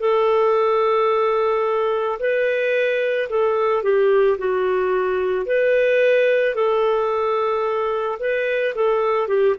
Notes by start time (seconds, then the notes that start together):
0.00 A4
2.19 B4
3.29 A4
3.82 G4
4.38 F#4
5.45 B4
6.55 A4
8.19 B4
8.75 A4
9.27 G4